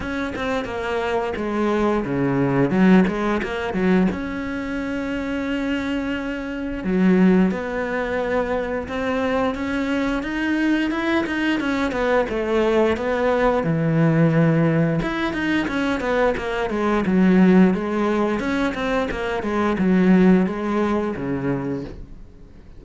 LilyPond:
\new Staff \with { instrumentName = "cello" } { \time 4/4 \tempo 4 = 88 cis'8 c'8 ais4 gis4 cis4 | fis8 gis8 ais8 fis8 cis'2~ | cis'2 fis4 b4~ | b4 c'4 cis'4 dis'4 |
e'8 dis'8 cis'8 b8 a4 b4 | e2 e'8 dis'8 cis'8 b8 | ais8 gis8 fis4 gis4 cis'8 c'8 | ais8 gis8 fis4 gis4 cis4 | }